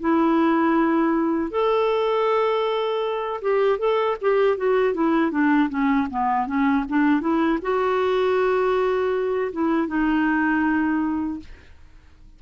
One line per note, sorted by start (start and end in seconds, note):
0.00 1.51 E4
1.51 3.41 A4
3.42 3.79 G4
3.79 4.17 A4
4.22 4.57 G4
4.57 4.94 F#4
4.94 5.31 E4
5.31 5.69 D4
5.70 6.08 C#4
6.10 6.47 B3
6.47 6.85 C#4
6.89 7.21 D4
7.21 7.59 E4
7.62 9.52 F#4
9.53 9.88 E4
9.88 11.40 D#4